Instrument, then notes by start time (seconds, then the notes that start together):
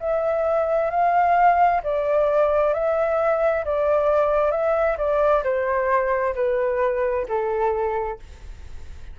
flute
0.00 E5
0.90 F5
1.83 D5
2.74 E5
3.65 D5
4.52 E5
4.98 D5
5.44 C5
6.35 B4
7.29 A4